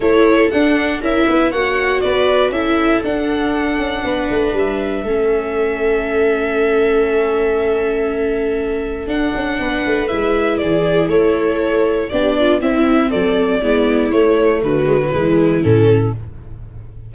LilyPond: <<
  \new Staff \with { instrumentName = "violin" } { \time 4/4 \tempo 4 = 119 cis''4 fis''4 e''4 fis''4 | d''4 e''4 fis''2~ | fis''4 e''2.~ | e''1~ |
e''2 fis''2 | e''4 d''4 cis''2 | d''4 e''4 d''2 | cis''4 b'2 a'4 | }
  \new Staff \with { instrumentName = "viola" } { \time 4/4 a'2 ais'8 b'8 cis''4 | b'4 a'2. | b'2 a'2~ | a'1~ |
a'2. b'4~ | b'4 gis'4 a'2 | g'8 f'8 e'4 a'4 e'4~ | e'4 fis'4 e'2 | }
  \new Staff \with { instrumentName = "viola" } { \time 4/4 e'4 d'4 e'4 fis'4~ | fis'4 e'4 d'2~ | d'2 cis'2~ | cis'1~ |
cis'2 d'2 | e'1 | d'4 c'2 b4 | a4. gis16 fis16 gis4 cis'4 | }
  \new Staff \with { instrumentName = "tuba" } { \time 4/4 a4 d'4 cis'8 b8 ais4 | b4 cis'4 d'4. cis'8 | b8 a8 g4 a2~ | a1~ |
a2 d'8 cis'8 b8 a8 | gis4 e4 a2 | b4 c'4 fis4 gis4 | a4 d4 e4 a,4 | }
>>